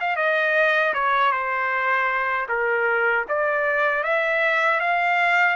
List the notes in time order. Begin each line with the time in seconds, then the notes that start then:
0.00 F5
0.16 D#5
0.94 C#5
1.31 C5
2.48 A#4
3.28 D5
4.03 E5
4.80 F5